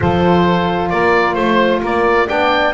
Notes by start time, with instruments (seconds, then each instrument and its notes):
0.00 double bass F3, saxophone F4 A4, oboe C5
0.89 double bass A#3, saxophone A#4, oboe D5
1.34 double bass A3, oboe C5, saxophone C5
1.81 double bass A#3, saxophone A#4, oboe D5
2.27 double bass B3, saxophone D4 D5, oboe G5